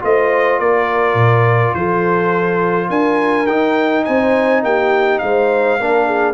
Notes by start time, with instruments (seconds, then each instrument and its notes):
0.00 tuba A3, trombone F4, horn C5, trumpet D#5
0.59 tuba A#3, horn A#4, trumpet D5
1.14 tuba A#2
1.74 tuba F3, horn A4, trumpet C5
2.88 tuba D4, horn A#4, trumpet G#5
3.46 tuba D#4, trombone D#4, trumpet G5
4.04 tuba C4, horn C5, trumpet G#5
4.63 tuba A#3, horn G4, trumpet G5
5.18 tuba G#3, horn C5, trumpet F5
5.79 tuba A#3, trombone D4, horn A#4
6.06 horn G#4